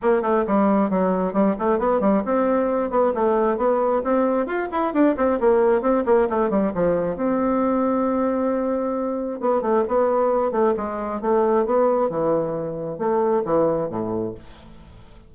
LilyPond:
\new Staff \with { instrumentName = "bassoon" } { \time 4/4 \tempo 4 = 134 ais8 a8 g4 fis4 g8 a8 | b8 g8 c'4. b8 a4 | b4 c'4 f'8 e'8 d'8 c'8 | ais4 c'8 ais8 a8 g8 f4 |
c'1~ | c'4 b8 a8 b4. a8 | gis4 a4 b4 e4~ | e4 a4 e4 a,4 | }